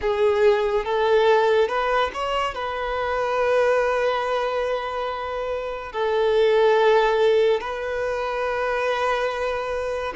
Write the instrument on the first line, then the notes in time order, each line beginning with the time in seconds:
violin
0.01 G#4
0.85 A4
1.68 B4
2.13 C#5
2.54 B4
5.92 A4
7.60 B4